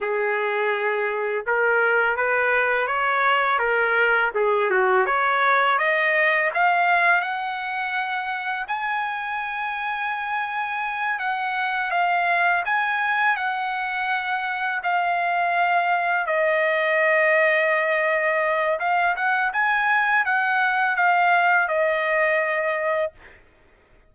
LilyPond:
\new Staff \with { instrumentName = "trumpet" } { \time 4/4 \tempo 4 = 83 gis'2 ais'4 b'4 | cis''4 ais'4 gis'8 fis'8 cis''4 | dis''4 f''4 fis''2 | gis''2.~ gis''8 fis''8~ |
fis''8 f''4 gis''4 fis''4.~ | fis''8 f''2 dis''4.~ | dis''2 f''8 fis''8 gis''4 | fis''4 f''4 dis''2 | }